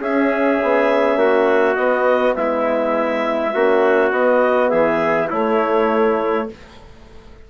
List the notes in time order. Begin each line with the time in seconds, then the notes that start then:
0.00 C#4 G#4 E5
0.63 B3
1.17 A#3 F#4
1.75 B3 D#5
2.35 G#3 E4 E5
3.54 A#3 C#4 F#4
4.12 B3 D#5
4.70 E3 G#4 E5
5.30 A3 E4 C#5